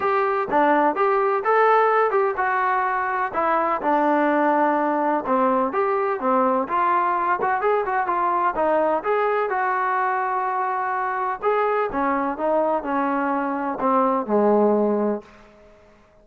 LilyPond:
\new Staff \with { instrumentName = "trombone" } { \time 4/4 \tempo 4 = 126 g'4 d'4 g'4 a'4~ | a'8 g'8 fis'2 e'4 | d'2. c'4 | g'4 c'4 f'4. fis'8 |
gis'8 fis'8 f'4 dis'4 gis'4 | fis'1 | gis'4 cis'4 dis'4 cis'4~ | cis'4 c'4 gis2 | }